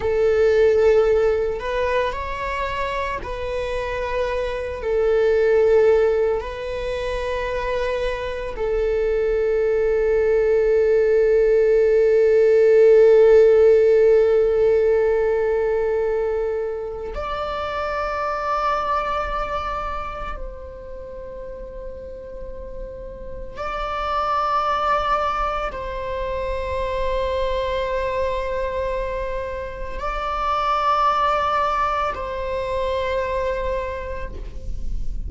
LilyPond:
\new Staff \with { instrumentName = "viola" } { \time 4/4 \tempo 4 = 56 a'4. b'8 cis''4 b'4~ | b'8 a'4. b'2 | a'1~ | a'1 |
d''2. c''4~ | c''2 d''2 | c''1 | d''2 c''2 | }